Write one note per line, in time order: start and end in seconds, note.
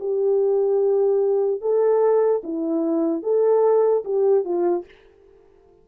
0.00 1.61 G4
1.61 2.42 A4
2.44 3.23 E4
3.23 4.04 A4
4.05 4.45 G4
4.45 4.85 F4